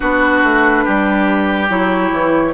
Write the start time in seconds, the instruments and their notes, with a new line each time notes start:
0.00 bassoon B3, clarinet D4, oboe F#4, flute B4
0.43 bassoon A3
0.84 bassoon G3, oboe G4
1.68 bassoon F#3, clarinet E4, flute C#5
2.11 bassoon E3